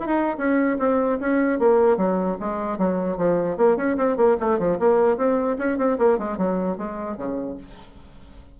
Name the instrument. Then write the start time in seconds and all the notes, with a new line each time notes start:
bassoon
0.00 E4
0.07 D#4
0.38 C#4
0.79 C4
1.20 C#4
1.59 A#3
1.97 F#3
2.40 G#3
2.78 F#3
3.17 F3
3.58 A#3
3.77 C#4
3.98 C4
4.17 A#3
4.41 A3
4.59 F3
4.80 A#3
5.18 C4
5.59 C#4
5.78 C4
5.99 A#3
6.19 G#3
6.38 F#3
6.78 G#3
7.18 C#3